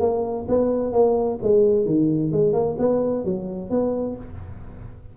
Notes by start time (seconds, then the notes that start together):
0.00 A#3
0.48 B3
0.93 A#3
1.43 G#3
1.86 D#3
2.32 G#3
2.53 A#3
2.79 B3
3.25 F#3
3.70 B3